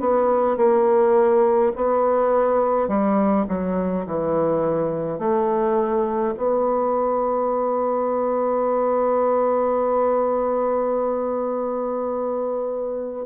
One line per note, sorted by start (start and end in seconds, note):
0.00 0.57 B3
0.57 1.72 A#3
1.76 2.88 B3
2.88 3.46 G3
3.48 4.06 F#3
4.06 5.19 E3
5.19 6.34 A3
6.37 13.26 B3